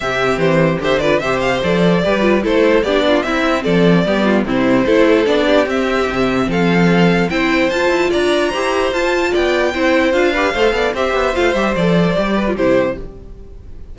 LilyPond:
<<
  \new Staff \with { instrumentName = "violin" } { \time 4/4 \tempo 4 = 148 e''4 c''4 e''8 d''8 e''8 f''8 | d''2 c''4 d''4 | e''4 d''2 c''4~ | c''4 d''4 e''2 |
f''2 g''4 a''4 | ais''2 a''4 g''4~ | g''4 f''2 e''4 | f''8 e''8 d''2 c''4 | }
  \new Staff \with { instrumentName = "violin" } { \time 4/4 g'2 c''8 b'8 c''4~ | c''4 b'4 a'4 g'8 f'8 | e'4 a'4 g'8 f'8 e'4 | a'4. g'2~ g'8 |
a'2 c''2 | d''4 c''2 d''4 | c''4. b'8 c''8 d''8 c''4~ | c''2~ c''8 b'8 g'4 | }
  \new Staff \with { instrumentName = "viola" } { \time 4/4 c'2 g'8 f'8 g'4 | a'4 g'8 f'8 e'4 d'4 | c'2 b4 c'4 | e'4 d'4 c'2~ |
c'2 e'4 f'4~ | f'4 g'4 f'2 | e'4 f'8 g'8 a'4 g'4 | f'8 g'8 a'4 g'8. f'16 e'4 | }
  \new Staff \with { instrumentName = "cello" } { \time 4/4 c4 e4 d4 c4 | f4 g4 a4 b4 | c'4 f4 g4 c4 | a4 b4 c'4 c4 |
f2 c'4 f'8 e'8 | d'4 e'4 f'4 b4 | c'4 d'4 a8 b8 c'8 b8 | a8 g8 f4 g4 c4 | }
>>